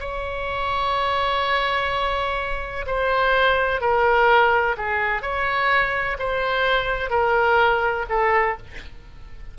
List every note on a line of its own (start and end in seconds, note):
0.00 2.86 C#5
2.87 3.81 C5
3.81 4.76 A#4
4.77 5.22 G#4
5.22 6.17 C#5
6.19 7.10 C5
7.10 8.05 A#4
8.09 8.57 A4